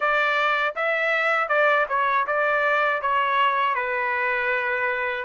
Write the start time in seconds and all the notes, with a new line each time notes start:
0.00 D5
0.75 E5
1.48 D5
1.89 C#5
2.27 D5
3.01 C#5
3.74 B4